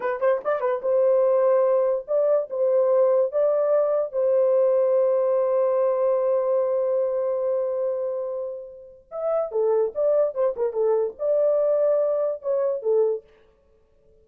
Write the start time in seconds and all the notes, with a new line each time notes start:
0.00 B4
0.20 C5
0.44 D5
0.60 B4
0.82 C5
2.07 D5
2.49 C5
3.32 D5
4.12 C5
9.11 E5
9.51 A4
9.94 D5
10.34 C5
10.56 A#4
10.72 A4
11.18 D5
12.42 C#5
12.82 A4